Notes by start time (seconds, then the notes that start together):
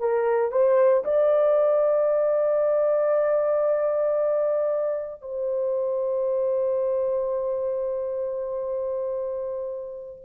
0.00 A#4
0.52 C5
1.05 D5
5.22 C5